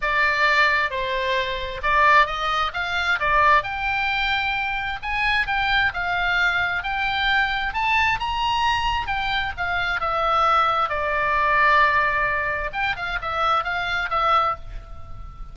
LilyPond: \new Staff \with { instrumentName = "oboe" } { \time 4/4 \tempo 4 = 132 d''2 c''2 | d''4 dis''4 f''4 d''4 | g''2. gis''4 | g''4 f''2 g''4~ |
g''4 a''4 ais''2 | g''4 f''4 e''2 | d''1 | g''8 f''8 e''4 f''4 e''4 | }